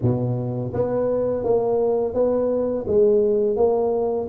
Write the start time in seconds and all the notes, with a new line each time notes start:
0.02 B2
0.73 B3
1.44 A#3
2.14 B3
2.87 G#3
3.56 A#3